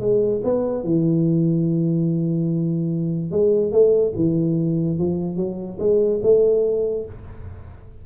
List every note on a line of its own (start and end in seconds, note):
0.00 0.41 G#3
0.44 0.83 B3
0.83 3.31 E3
3.31 3.72 G#3
3.72 4.13 A3
4.15 4.98 E3
4.98 5.36 F3
5.36 5.78 F#3
5.79 6.20 G#3
6.23 7.05 A3